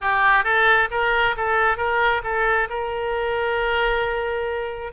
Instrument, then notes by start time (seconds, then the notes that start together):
oboe
0.01 G4
0.44 A4
0.91 A#4
1.36 A4
1.77 A#4
2.23 A4
2.69 A#4